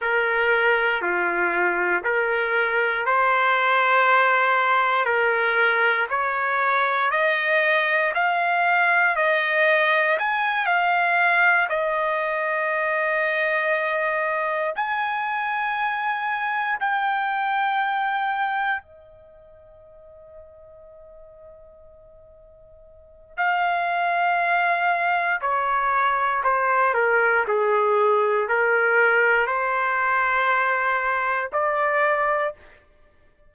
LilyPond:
\new Staff \with { instrumentName = "trumpet" } { \time 4/4 \tempo 4 = 59 ais'4 f'4 ais'4 c''4~ | c''4 ais'4 cis''4 dis''4 | f''4 dis''4 gis''8 f''4 dis''8~ | dis''2~ dis''8 gis''4.~ |
gis''8 g''2 dis''4.~ | dis''2. f''4~ | f''4 cis''4 c''8 ais'8 gis'4 | ais'4 c''2 d''4 | }